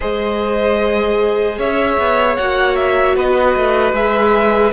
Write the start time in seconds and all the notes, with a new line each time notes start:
0.00 G#3 G#4 C5 D#5
1.58 C#4 C#5 E5
1.98 B3
2.36 A#3 F#4 F#5
2.75 E5
3.15 B3 B4 D#5
3.55 A3
3.92 G#3 G#4 E5